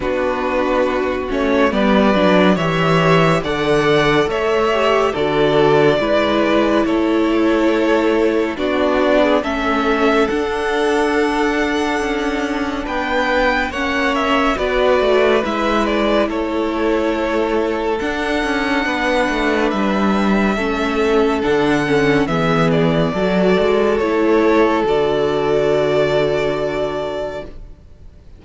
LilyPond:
<<
  \new Staff \with { instrumentName = "violin" } { \time 4/4 \tempo 4 = 70 b'4. cis''8 d''4 e''4 | fis''4 e''4 d''2 | cis''2 d''4 e''4 | fis''2. g''4 |
fis''8 e''8 d''4 e''8 d''8 cis''4~ | cis''4 fis''2 e''4~ | e''4 fis''4 e''8 d''4. | cis''4 d''2. | }
  \new Staff \with { instrumentName = "violin" } { \time 4/4 fis'2 b'4 cis''4 | d''4 cis''4 a'4 b'4 | a'2 fis'8. gis'16 a'4~ | a'2. b'4 |
cis''4 b'2 a'4~ | a'2 b'2 | a'2 gis'4 a'4~ | a'1 | }
  \new Staff \with { instrumentName = "viola" } { \time 4/4 d'4. cis'8 b8 d'8 g'4 | a'4. g'8 fis'4 e'4~ | e'2 d'4 cis'4 | d'1 |
cis'4 fis'4 e'2~ | e'4 d'2. | cis'4 d'8 cis'8 b4 fis'4 | e'4 fis'2. | }
  \new Staff \with { instrumentName = "cello" } { \time 4/4 b4. a8 g8 fis8 e4 | d4 a4 d4 gis4 | a2 b4 a4 | d'2 cis'4 b4 |
ais4 b8 a8 gis4 a4~ | a4 d'8 cis'8 b8 a8 g4 | a4 d4 e4 fis8 gis8 | a4 d2. | }
>>